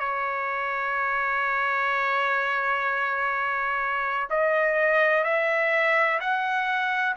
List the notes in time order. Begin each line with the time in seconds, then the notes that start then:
0.00 C#5
4.30 D#5
5.25 E5
6.21 F#5